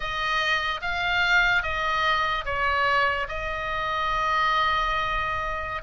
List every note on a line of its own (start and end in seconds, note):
0.00 0.80 D#5
0.81 1.63 F5
1.63 2.44 D#5
2.45 3.27 C#5
3.28 5.82 D#5